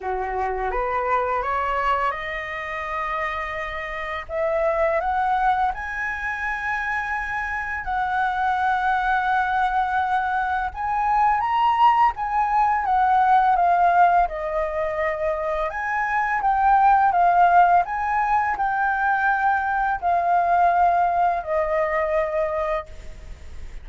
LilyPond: \new Staff \with { instrumentName = "flute" } { \time 4/4 \tempo 4 = 84 fis'4 b'4 cis''4 dis''4~ | dis''2 e''4 fis''4 | gis''2. fis''4~ | fis''2. gis''4 |
ais''4 gis''4 fis''4 f''4 | dis''2 gis''4 g''4 | f''4 gis''4 g''2 | f''2 dis''2 | }